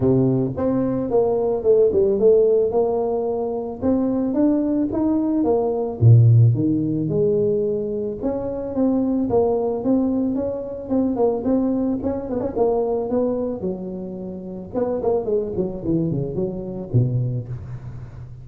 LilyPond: \new Staff \with { instrumentName = "tuba" } { \time 4/4 \tempo 4 = 110 c4 c'4 ais4 a8 g8 | a4 ais2 c'4 | d'4 dis'4 ais4 ais,4 | dis4 gis2 cis'4 |
c'4 ais4 c'4 cis'4 | c'8 ais8 c'4 cis'8 b16 cis'16 ais4 | b4 fis2 b8 ais8 | gis8 fis8 e8 cis8 fis4 b,4 | }